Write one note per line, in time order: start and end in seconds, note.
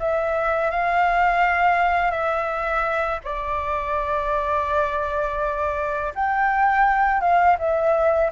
0.00 0.71 E5
0.71 2.11 F5
2.11 3.20 E5
3.24 6.13 D5
6.15 7.21 G5
7.21 7.57 F5
7.59 8.31 E5